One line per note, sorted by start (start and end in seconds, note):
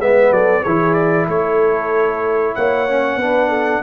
0.00 0.30 G#3
0.00 0.65 B3
0.00 0.33 B4
0.00 0.32 E5
0.30 0.62 F#3
0.30 0.62 A4
0.30 0.63 D5
0.62 1.27 E3
0.62 2.88 E4
0.62 1.26 G#4
0.62 0.94 C#5
0.94 1.26 D5
1.27 2.55 A3
1.27 2.56 A4
1.27 2.55 C#5
2.55 3.16 A#3
2.55 3.20 C#5
2.55 3.82 F#5
2.88 3.20 C#4
3.16 3.80 B3
3.16 3.82 D4
3.16 3.49 B4
3.49 3.81 A4